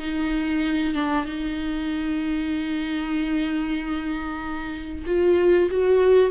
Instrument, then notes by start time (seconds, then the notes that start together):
viola
0.00 D#4
0.95 D4
1.25 D#4
5.06 F4
5.71 F#4